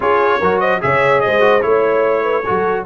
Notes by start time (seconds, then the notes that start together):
0.00 C#4 F4 G#4 C#5
0.39 F#3 F#4 A#4
0.59 C5 D#5
0.80 C#3 G#4 C#5 E5
1.20 C5 D#5
1.26 G#3
1.40 F#4
1.62 A3 E4 C#5
2.23 B4
2.44 F#3 F#4 A4